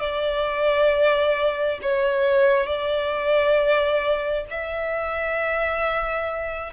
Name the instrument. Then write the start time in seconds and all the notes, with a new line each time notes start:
violin
0.00 D5
1.82 C#5
2.66 D5
4.50 E5